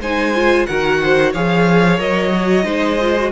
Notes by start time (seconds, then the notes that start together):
0.00 G#3 D#4 C5 G#5
0.36 F4
0.66 D#3 F#4 A#4 F#5
1.03 C5
1.32 F3 G#4 C#5 F5
1.98 F#3 A#4 D#5
2.34 F#4
2.64 G#3 D#4 C5
3.01 F4
3.17 F#4